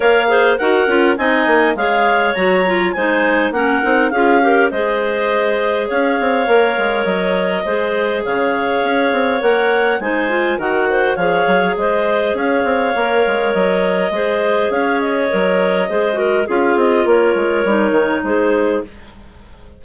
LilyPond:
<<
  \new Staff \with { instrumentName = "clarinet" } { \time 4/4 \tempo 4 = 102 f''4 fis''4 gis''4 f''4 | ais''4 gis''4 fis''4 f''4 | dis''2 f''2 | dis''2 f''2 |
fis''4 gis''4 fis''4 f''4 | dis''4 f''2 dis''4~ | dis''4 f''8 dis''2~ dis''8 | f''8 dis''8 cis''2 c''4 | }
  \new Staff \with { instrumentName = "clarinet" } { \time 4/4 cis''8 c''8 ais'4 dis''4 cis''4~ | cis''4 c''4 ais'4 gis'8 ais'8 | c''2 cis''2~ | cis''4 c''4 cis''2~ |
cis''4 c''4 ais'8 c''8 cis''4 | c''4 cis''2. | c''4 cis''2 c''8 ais'8 | gis'4 ais'2 gis'4 | }
  \new Staff \with { instrumentName = "clarinet" } { \time 4/4 ais'8 gis'8 fis'8 f'8 dis'4 gis'4 | fis'8 f'8 dis'4 cis'8 dis'8 f'8 g'8 | gis'2. ais'4~ | ais'4 gis'2. |
ais'4 dis'8 f'8 fis'4 gis'4~ | gis'2 ais'2 | gis'2 ais'4 gis'8 fis'8 | f'2 dis'2 | }
  \new Staff \with { instrumentName = "bassoon" } { \time 4/4 ais4 dis'8 cis'8 c'8 ais8 gis4 | fis4 gis4 ais8 c'8 cis'4 | gis2 cis'8 c'8 ais8 gis8 | fis4 gis4 cis4 cis'8 c'8 |
ais4 gis4 dis4 f8 fis8 | gis4 cis'8 c'8 ais8 gis8 fis4 | gis4 cis'4 fis4 gis4 | cis'8 c'8 ais8 gis8 g8 dis8 gis4 | }
>>